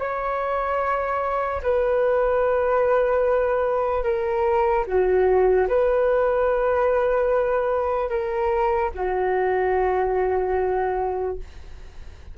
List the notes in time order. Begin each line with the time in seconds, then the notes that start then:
0.00 C#5
1.63 B4
4.04 A#4
4.87 F#4
5.69 B4
8.10 A#4
8.95 F#4